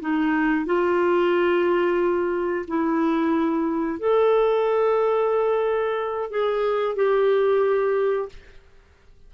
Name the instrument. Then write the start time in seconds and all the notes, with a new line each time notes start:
clarinet
0.00 D#4
0.65 F4
2.67 E4
3.99 A4
6.30 G#4
6.95 G4